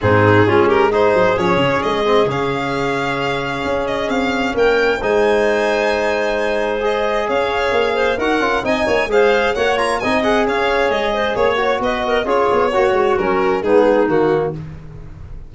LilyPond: <<
  \new Staff \with { instrumentName = "violin" } { \time 4/4 \tempo 4 = 132 gis'4. ais'8 c''4 cis''4 | dis''4 f''2.~ | f''8 dis''8 f''4 g''4 gis''4~ | gis''2. dis''4 |
f''2 fis''4 gis''4 | f''4 fis''8 ais''8 gis''8 fis''8 f''4 | dis''4 cis''4 dis''4 cis''4~ | cis''4 ais'4 gis'4 fis'4 | }
  \new Staff \with { instrumentName = "clarinet" } { \time 4/4 dis'4 f'8 g'8 gis'2~ | gis'1~ | gis'2 ais'4 c''4~ | c''1 |
cis''4. c''8 ais'4 dis''8 cis''8 | c''4 cis''4 dis''4 cis''4~ | cis''8 c''8 cis''4 b'8 ais'8 gis'4 | fis'2 dis'2 | }
  \new Staff \with { instrumentName = "trombone" } { \time 4/4 c'4 cis'4 dis'4 cis'4~ | cis'8 c'8 cis'2.~ | cis'2. dis'4~ | dis'2. gis'4~ |
gis'2 fis'8 f'8 dis'4 | gis'4 fis'8 f'8 dis'8 gis'4.~ | gis'4. fis'4. f'4 | fis'4 cis'4 b4 ais4 | }
  \new Staff \with { instrumentName = "tuba" } { \time 4/4 gis,4 gis4. fis8 f8 cis8 | gis4 cis2. | cis'4 c'4 ais4 gis4~ | gis1 |
cis'4 ais4 dis'8 cis'8 c'8 ais8 | gis4 ais4 c'4 cis'4 | gis4 ais4 b4 cis'8 b8 | ais8 gis8 fis4 gis4 dis4 | }
>>